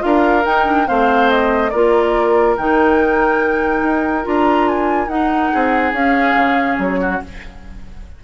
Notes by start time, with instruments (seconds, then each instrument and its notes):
0.00 bassoon D4, clarinet F4, oboe A#4, flute F5
0.46 bassoon D#4, clarinet D#4, flute G5
0.66 clarinet D4
0.87 bassoon A3, clarinet C4, oboe C5, flute F5
1.30 flute D#5
1.70 bassoon A#3, clarinet F4, oboe A#4, flute D5
2.57 bassoon D#3, clarinet D#4, flute G5
3.83 bassoon D#4
4.23 bassoon D4, clarinet F4, flute A#5
4.68 flute G#5
5.08 bassoon D#4, clarinet D#4, flute F#5
5.53 bassoon C4, oboe G#4
5.93 bassoon C#4, clarinet C#4, flute F5
6.35 bassoon C#3
6.79 bassoon F#3, flute C#5
7.01 oboe F#4